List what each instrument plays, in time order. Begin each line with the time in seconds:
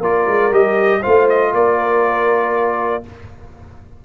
0.00 tuba A#3, trombone F4, horn A#4, trumpet D5
0.27 tuba G#3
0.51 tuba G3, trombone G4, trumpet D#5
1.00 tuba A3, trombone F4, horn C5, trumpet F5
1.29 trumpet D#5
1.53 tuba A#3, horn A#4, trumpet D5